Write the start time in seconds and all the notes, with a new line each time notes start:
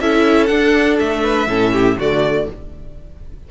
0.00 C#4 E4 A4 E5
0.46 D4 F#5
0.99 A3 E5
1.23 B4
1.47 A2 C#4 A4
1.73 G4
1.97 D3 A3 F#4 D5